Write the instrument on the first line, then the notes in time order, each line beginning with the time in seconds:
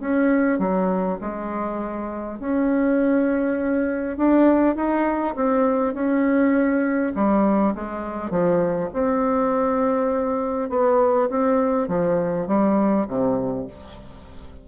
bassoon
0.00 C#4
0.59 F#3
1.21 G#3
2.40 C#4
4.17 D4
4.76 D#4
5.35 C4
5.94 C#4
7.15 G3
7.75 G#3
8.30 F3
8.93 C4
10.70 B3
11.30 C4
11.88 F3
12.47 G3
13.08 C3